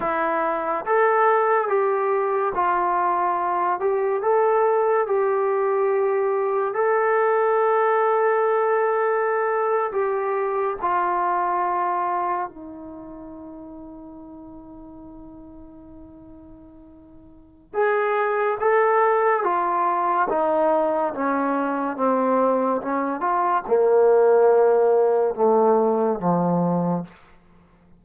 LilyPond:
\new Staff \with { instrumentName = "trombone" } { \time 4/4 \tempo 4 = 71 e'4 a'4 g'4 f'4~ | f'8 g'8 a'4 g'2 | a'2.~ a'8. g'16~ | g'8. f'2 dis'4~ dis'16~ |
dis'1~ | dis'4 gis'4 a'4 f'4 | dis'4 cis'4 c'4 cis'8 f'8 | ais2 a4 f4 | }